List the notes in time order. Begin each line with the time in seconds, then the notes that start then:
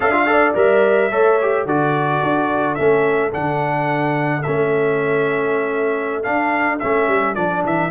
0.00 D4 A4 E5 F5
0.12 F4
0.26 A4 D5
0.54 G3 A#4 E5
1.10 A3 A4 C#5
1.41 G4
1.65 D3 F#4 A4 D5
2.22 D4
2.75 A3 C#4 E5
3.31 D3 D4 F#5
4.42 A3 C#4 E5
6.23 D4 F5
6.79 A3 C#4 E5
7.07 G3
7.34 F3 D4 D5
7.65 E3 E5